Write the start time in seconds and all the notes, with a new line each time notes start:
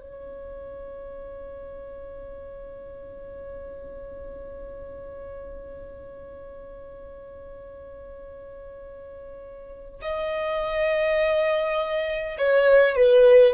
0.00 C#5
10.02 D#5
12.37 C#5
12.96 B4